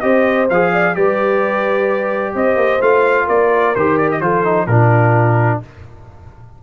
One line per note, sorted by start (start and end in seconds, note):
0.00 0.50 C4
0.00 0.48 G4
0.00 0.72 C5
0.00 0.47 D#5
0.50 0.96 F3
0.50 0.94 G#4
0.50 0.95 F5
0.72 0.96 D5
0.94 2.35 G3
0.94 2.81 G4
0.94 2.34 B4
0.94 2.35 D5
2.34 2.56 C4
2.34 3.26 C5
2.34 2.81 D#5
2.56 2.79 A#3
2.81 3.28 A3
2.81 3.75 F4
2.81 3.28 F5
3.26 3.75 A#3
3.26 4.19 A#4
3.26 3.75 D5
3.75 4.20 D#3
3.75 4.22 G4
3.75 3.98 C5
3.98 4.09 D5
4.11 4.21 D#5
4.20 4.67 F3
4.20 4.44 F4
4.20 4.67 A4
4.20 4.67 C5
4.44 4.67 D#4
4.67 5.60 A#2
4.67 5.63 D4
4.67 5.60 F4
4.67 5.60 A#4